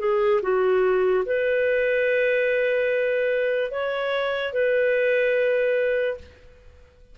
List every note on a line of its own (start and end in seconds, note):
0.00 0.41 G#4
0.43 1.25 F#4
1.26 3.71 B4
3.71 4.54 C#5
4.54 6.18 B4